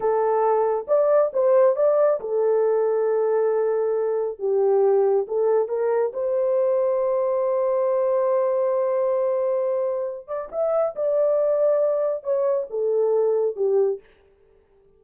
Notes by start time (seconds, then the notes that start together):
0.00 A4
0.87 D5
1.33 C5
1.76 D5
2.20 A4
4.38 G4
5.27 A4
5.68 A#4
6.13 C5
10.27 D5
10.51 E5
10.95 D5
12.23 C#5
12.69 A4
13.56 G4